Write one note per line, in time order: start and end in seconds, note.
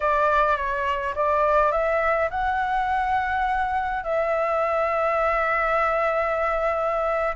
0.00 0.56 D5
0.56 1.14 C#5
1.15 1.71 D5
1.71 2.29 E5
2.30 4.03 F#5
4.03 7.35 E5